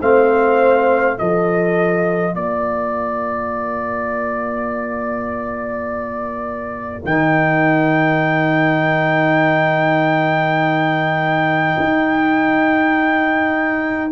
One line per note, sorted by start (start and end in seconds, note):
0.00 1.19 A3
0.00 1.16 C4
0.00 1.18 C5
0.00 1.18 F5
1.16 2.35 F3
1.16 7.05 F4
1.16 2.34 A4
1.16 2.35 D#5
2.34 7.05 A#3
2.34 14.11 A#4
2.34 7.05 D5
7.05 11.76 D#3
7.05 14.11 D#4
7.05 14.11 G5
11.79 14.12 D#4